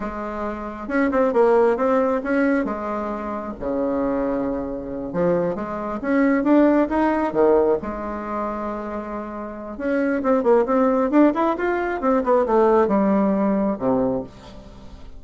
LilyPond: \new Staff \with { instrumentName = "bassoon" } { \time 4/4 \tempo 4 = 135 gis2 cis'8 c'8 ais4 | c'4 cis'4 gis2 | cis2.~ cis8 f8~ | f8 gis4 cis'4 d'4 dis'8~ |
dis'8 dis4 gis2~ gis8~ | gis2 cis'4 c'8 ais8 | c'4 d'8 e'8 f'4 c'8 b8 | a4 g2 c4 | }